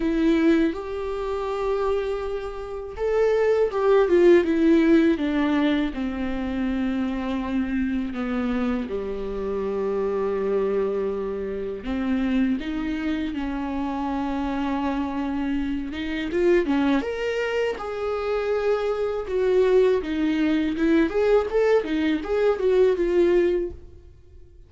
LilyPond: \new Staff \with { instrumentName = "viola" } { \time 4/4 \tempo 4 = 81 e'4 g'2. | a'4 g'8 f'8 e'4 d'4 | c'2. b4 | g1 |
c'4 dis'4 cis'2~ | cis'4. dis'8 f'8 cis'8 ais'4 | gis'2 fis'4 dis'4 | e'8 gis'8 a'8 dis'8 gis'8 fis'8 f'4 | }